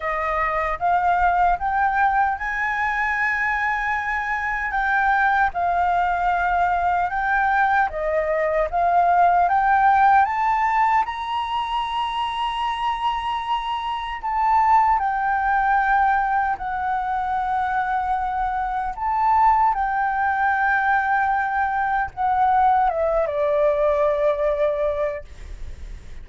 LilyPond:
\new Staff \with { instrumentName = "flute" } { \time 4/4 \tempo 4 = 76 dis''4 f''4 g''4 gis''4~ | gis''2 g''4 f''4~ | f''4 g''4 dis''4 f''4 | g''4 a''4 ais''2~ |
ais''2 a''4 g''4~ | g''4 fis''2. | a''4 g''2. | fis''4 e''8 d''2~ d''8 | }